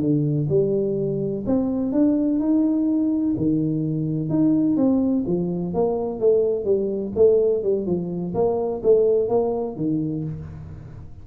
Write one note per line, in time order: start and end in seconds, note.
0.00 0.48 D3
0.49 1.44 G3
1.46 1.92 C4
1.92 2.40 D4
2.40 3.35 D#4
3.37 4.30 D#3
4.30 4.77 D#4
4.77 5.24 C4
5.27 5.74 F3
5.74 6.20 A#3
6.20 6.65 A3
6.65 7.12 G3
7.16 7.63 A3
7.63 7.86 G3
7.86 8.34 F3
8.34 8.82 A#3
8.83 9.29 A3
9.29 9.76 A#3
9.76 10.24 D#3